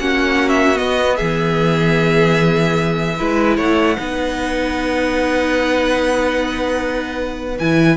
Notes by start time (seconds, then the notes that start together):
0.00 A#3 C#4 F#4 F#5
0.50 E5
0.76 B3 D#5
1.16 E3 G#4 E5
3.19 G#3 E4 B4
3.57 A3 C#5 F#5
3.97 B3 D#4 B4
7.59 E3 E4 G#5